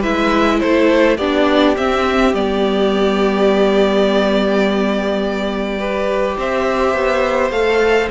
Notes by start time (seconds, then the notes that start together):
0.00 G#3 E4 B4 E5
0.60 A3 A4 C5
1.18 B3 D4 G4 D5
1.77 C4 E5
2.34 G3 B3 D5
5.79 G4 B4
6.38 C4 C5 E5
6.94 B3
7.51 A3 A4 F5